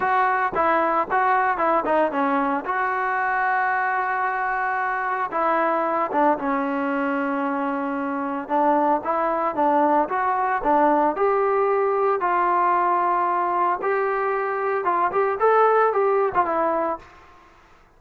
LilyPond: \new Staff \with { instrumentName = "trombone" } { \time 4/4 \tempo 4 = 113 fis'4 e'4 fis'4 e'8 dis'8 | cis'4 fis'2.~ | fis'2 e'4. d'8 | cis'1 |
d'4 e'4 d'4 fis'4 | d'4 g'2 f'4~ | f'2 g'2 | f'8 g'8 a'4 g'8. f'16 e'4 | }